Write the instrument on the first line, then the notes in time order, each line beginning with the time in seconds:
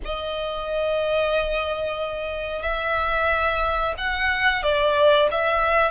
violin
0.04 D#5
2.62 E5
3.97 F#5
4.62 D5
5.31 E5